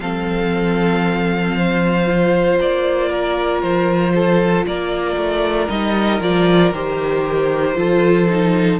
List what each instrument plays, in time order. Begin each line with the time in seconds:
0.00 cello F3, viola C4, violin A4 F5
1.56 violin C5
2.07 viola F4
2.60 cello A#3, violin D5
3.09 violin A#4
3.61 cello F3, violin C5
4.14 violin A4
4.66 cello A#3, violin A#4 D5
5.16 cello A3
5.68 cello G3, viola D#4, violin D#5
6.20 cello F3, viola F4, violin D5
6.73 cello D#3, viola G4, violin C5
7.75 cello F3, viola F4, violin A4
8.29 viola D#4